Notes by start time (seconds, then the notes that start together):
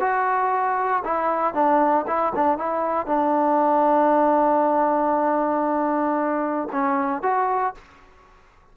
0.00 F#4
1.05 E4
1.54 D4
2.07 E4
2.35 D4
2.58 E4
3.06 D4
6.72 C#4
7.22 F#4